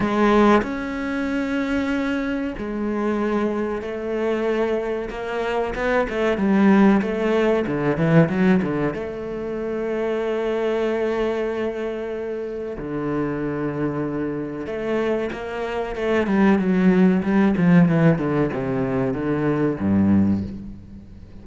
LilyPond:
\new Staff \with { instrumentName = "cello" } { \time 4/4 \tempo 4 = 94 gis4 cis'2. | gis2 a2 | ais4 b8 a8 g4 a4 | d8 e8 fis8 d8 a2~ |
a1 | d2. a4 | ais4 a8 g8 fis4 g8 f8 | e8 d8 c4 d4 g,4 | }